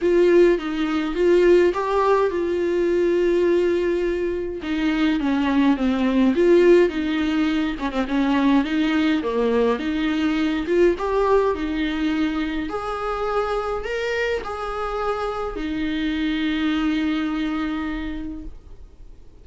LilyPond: \new Staff \with { instrumentName = "viola" } { \time 4/4 \tempo 4 = 104 f'4 dis'4 f'4 g'4 | f'1 | dis'4 cis'4 c'4 f'4 | dis'4. cis'16 c'16 cis'4 dis'4 |
ais4 dis'4. f'8 g'4 | dis'2 gis'2 | ais'4 gis'2 dis'4~ | dis'1 | }